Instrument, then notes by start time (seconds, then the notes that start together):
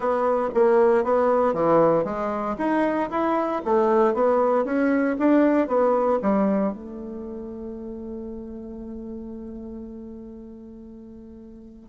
bassoon
0.00 B3
0.54 A#3
1.03 B3
1.53 E3
2.04 G#3
2.57 D#4
3.10 E4
3.64 A3
4.14 B3
4.64 C#4
5.19 D4
5.67 B3
6.22 G3
6.72 A3